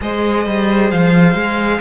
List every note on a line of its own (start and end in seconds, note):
0.01 0.46 G#3
0.01 1.80 G#4
0.01 1.80 C5
0.01 0.91 D#5
0.46 0.91 G3
0.91 1.34 F3
0.91 1.80 F5
1.34 1.79 G#3